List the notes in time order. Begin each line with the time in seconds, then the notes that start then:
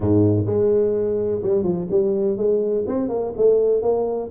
0.00 G#2
0.45 G#3
1.43 G3
1.63 F3
1.90 G3
2.37 G#3
2.87 C4
3.08 A#3
3.37 A3
3.82 A#3